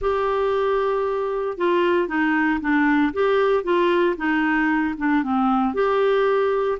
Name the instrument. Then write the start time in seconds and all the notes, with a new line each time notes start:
clarinet
0.01 G4
1.57 F4
2.08 D#4
2.60 D4
3.13 G4
3.63 F4
4.16 D#4
4.97 D4
5.23 C4
5.73 G4